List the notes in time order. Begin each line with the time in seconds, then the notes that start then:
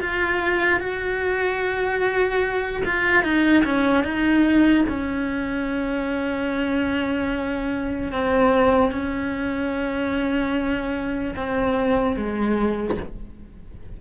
0.00 F4
0.80 F#4
2.85 F4
3.23 D#4
3.64 C#4
4.04 D#4
4.89 C#4
8.12 C4
8.92 C#4
11.36 C4
12.16 G#3